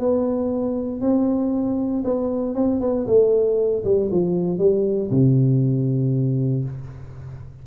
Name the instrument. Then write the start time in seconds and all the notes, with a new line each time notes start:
tuba
0.00 B3
1.01 C4
2.05 B3
2.55 C4
2.81 B3
3.07 A3
3.85 G3
4.11 F3
4.59 G3
5.11 C3